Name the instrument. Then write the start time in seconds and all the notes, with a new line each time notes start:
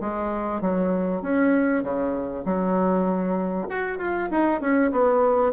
bassoon
0.00 G#3
0.61 F#3
1.22 C#4
1.83 C#3
2.45 F#3
3.69 F#4
3.98 F4
4.31 D#4
4.60 C#4
4.91 B3